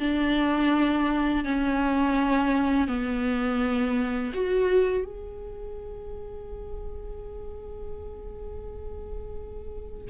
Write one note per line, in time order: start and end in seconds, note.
0.00 1.45 D4
1.45 2.88 C#4
2.88 4.32 B3
4.33 5.05 F#4
5.05 10.10 G#4